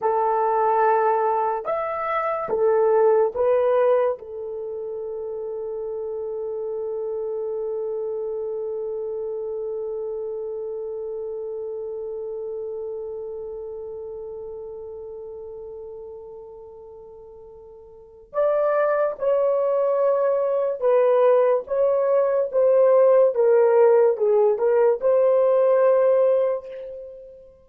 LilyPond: \new Staff \with { instrumentName = "horn" } { \time 4/4 \tempo 4 = 72 a'2 e''4 a'4 | b'4 a'2.~ | a'1~ | a'1~ |
a'1~ | a'2 d''4 cis''4~ | cis''4 b'4 cis''4 c''4 | ais'4 gis'8 ais'8 c''2 | }